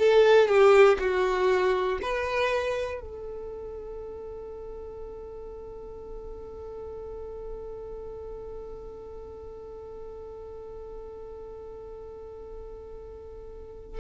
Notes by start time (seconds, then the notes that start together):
0.00 A4
0.48 G4
1.00 F#4
2.02 B4
3.01 A4